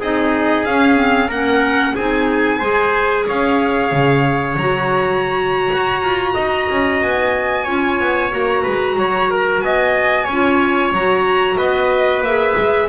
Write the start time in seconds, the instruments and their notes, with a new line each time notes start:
0.00 double bass C4, clarinet D#4, trumpet G#4, violin D#5
0.65 clarinet C#4, double bass C#4, violin F5
0.95 clarinet C4
1.27 double bass A#3, clarinet C#4, trumpet A#4, violin F#5
1.95 double bass C4, clarinet D#4, trumpet G#4, violin G#5
2.59 double bass G#3, clarinet G#4, trumpet C5
3.27 double bass C#4, trumpet C#5, violin F5
3.92 double bass C#3
4.56 double bass F#3, clarinet F#4, violin A#5
5.73 double bass F#4
6.02 double bass F4
6.34 double bass D#4, trumpet D#5
6.70 double bass C#4
7.02 double bass B3, violin G#5
7.64 double bass C#4, clarinet F4, trumpet C#5
8.00 double bass B3
8.30 double bass A#3, clarinet F#4, violin A#5
8.62 double bass G#3, trumpet B4
8.96 double bass F#3, trumpet C#5
9.31 trumpet A#4
9.60 double bass B3, trumpet D#5, violin G#5
10.25 double bass C#4, trumpet C#5
10.32 clarinet F4
10.92 double bass F#3, clarinet F#4, violin A#5
11.57 double bass B3, trumpet B4, violin D#5
12.21 double bass A#3, clarinet G#4, violin E5
12.57 double bass G#3